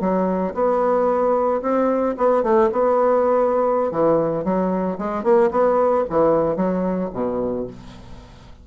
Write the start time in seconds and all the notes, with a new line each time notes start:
0.00 F#3
0.54 B3
1.62 C4
2.17 B3
2.43 A3
2.72 B3
3.91 E3
4.44 F#3
4.98 G#3
5.23 A#3
5.51 B3
6.09 E3
6.56 F#3
7.13 B2